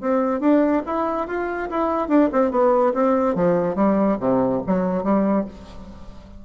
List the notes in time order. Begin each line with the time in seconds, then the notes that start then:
0.00 C4
0.40 D4
0.86 E4
1.27 F4
1.69 E4
2.08 D4
2.32 C4
2.51 B3
2.93 C4
3.35 F3
3.75 G3
4.19 C3
4.66 F#3
5.03 G3